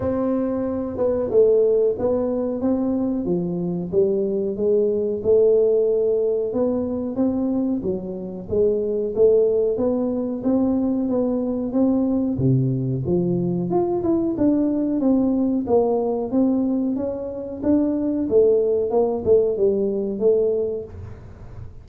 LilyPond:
\new Staff \with { instrumentName = "tuba" } { \time 4/4 \tempo 4 = 92 c'4. b8 a4 b4 | c'4 f4 g4 gis4 | a2 b4 c'4 | fis4 gis4 a4 b4 |
c'4 b4 c'4 c4 | f4 f'8 e'8 d'4 c'4 | ais4 c'4 cis'4 d'4 | a4 ais8 a8 g4 a4 | }